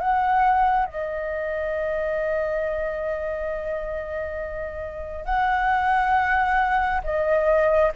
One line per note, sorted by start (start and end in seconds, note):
0.00 0.86 F#5
0.86 5.25 D#5
5.25 7.01 F#5
7.04 7.92 D#5